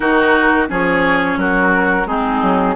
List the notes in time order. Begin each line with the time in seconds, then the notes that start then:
0.00 D#3 D#4 F#4 A#4
0.68 F3 C#4 G#4 C#5
1.36 F#3 F#4 A#4
2.06 G#3 C4 D#4 G#4
2.42 F#3